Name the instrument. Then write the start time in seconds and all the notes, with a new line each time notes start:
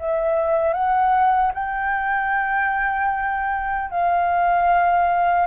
flute
0.00 E5
0.74 F#5
1.54 G5
3.91 F5